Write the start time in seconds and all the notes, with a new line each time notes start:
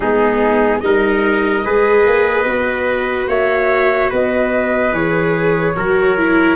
0.00 G#3 B3 D#4 G#4
0.79 G3 D#4 A#4 D#5
1.65 G#3 G#4 B4
2.06 A#3
2.44 B3 F#4
3.28 A#3 C#5 E5
4.09 B3 B4 D#5
4.92 E3 G#4 C#5
5.76 F#3 F#4 A#4
6.17 E4